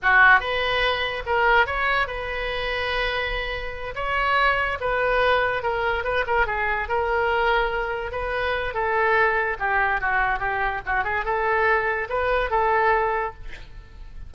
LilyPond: \new Staff \with { instrumentName = "oboe" } { \time 4/4 \tempo 4 = 144 fis'4 b'2 ais'4 | cis''4 b'2.~ | b'4. cis''2 b'8~ | b'4. ais'4 b'8 ais'8 gis'8~ |
gis'8 ais'2. b'8~ | b'4 a'2 g'4 | fis'4 g'4 fis'8 gis'8 a'4~ | a'4 b'4 a'2 | }